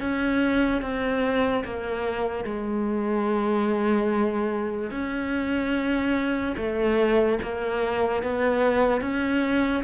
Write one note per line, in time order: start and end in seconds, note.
0.00 0.81 C#4
0.81 1.64 C4
1.64 2.44 A#3
2.44 4.91 G#3
4.91 6.55 C#4
6.57 7.39 A3
7.43 8.23 A#3
8.23 9.01 B3
9.01 9.83 C#4